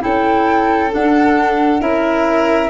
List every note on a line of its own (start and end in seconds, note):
0.00 0.93 C#4
0.00 0.90 E4
0.00 1.80 A4
0.00 0.92 G5
0.90 1.80 D4
0.90 1.81 D4
0.90 1.81 F#5
1.80 2.69 C#4
1.80 2.69 E4
1.80 2.69 A#4
1.80 2.69 E5